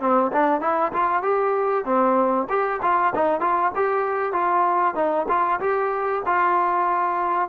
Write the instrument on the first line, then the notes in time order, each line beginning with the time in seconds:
trombone
0.00 C4
0.32 D4
0.61 E4
0.92 F4
1.22 G4
1.85 C4
2.49 G4
2.82 F4
3.15 D#4
3.40 F4
3.75 G4
4.32 F4
4.95 D#4
5.28 F4
5.60 G4
6.26 F4